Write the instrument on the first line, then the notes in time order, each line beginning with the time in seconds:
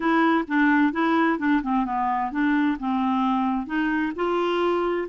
clarinet
0.00 E4
0.47 D4
0.92 E4
1.38 D4
1.63 C4
1.85 B3
2.31 D4
2.79 C4
3.66 D#4
4.15 F4